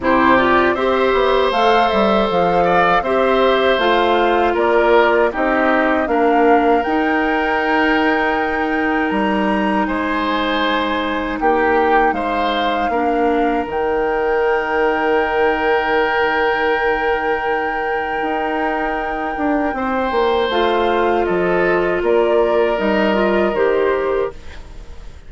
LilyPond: <<
  \new Staff \with { instrumentName = "flute" } { \time 4/4 \tempo 4 = 79 c''8 d''8 e''4 f''8 e''8 f''4 | e''4 f''4 d''4 dis''4 | f''4 g''2. | ais''4 gis''2 g''4 |
f''2 g''2~ | g''1~ | g''2. f''4 | dis''4 d''4 dis''4 c''4 | }
  \new Staff \with { instrumentName = "oboe" } { \time 4/4 g'4 c''2~ c''8 d''8 | c''2 ais'4 g'4 | ais'1~ | ais'4 c''2 g'4 |
c''4 ais'2.~ | ais'1~ | ais'2 c''2 | a'4 ais'2. | }
  \new Staff \with { instrumentName = "clarinet" } { \time 4/4 e'8 f'8 g'4 a'2 | g'4 f'2 dis'4 | d'4 dis'2.~ | dis'1~ |
dis'4 d'4 dis'2~ | dis'1~ | dis'2. f'4~ | f'2 dis'8 f'8 g'4 | }
  \new Staff \with { instrumentName = "bassoon" } { \time 4/4 c4 c'8 b8 a8 g8 f4 | c'4 a4 ais4 c'4 | ais4 dis'2. | g4 gis2 ais4 |
gis4 ais4 dis2~ | dis1 | dis'4. d'8 c'8 ais8 a4 | f4 ais4 g4 dis4 | }
>>